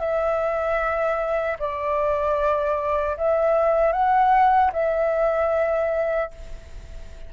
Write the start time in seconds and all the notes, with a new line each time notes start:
0.00 E5
1.60 D5
3.18 E5
3.93 F#5
4.73 E5